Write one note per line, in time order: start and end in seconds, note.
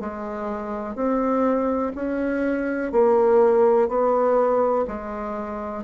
0.00 0.95 G#3
0.95 1.92 C4
1.95 2.92 C#4
2.92 3.88 A#3
3.88 4.85 B3
4.87 5.83 G#3